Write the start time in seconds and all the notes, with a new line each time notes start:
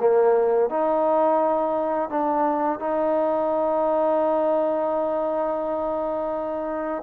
0.00 A#3
0.69 D#4
2.10 D4
2.79 D#4